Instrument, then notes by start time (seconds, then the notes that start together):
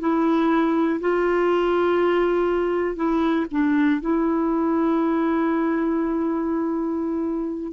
clarinet
0.00 E4
1.00 F4
2.95 E4
3.51 D4
4.00 E4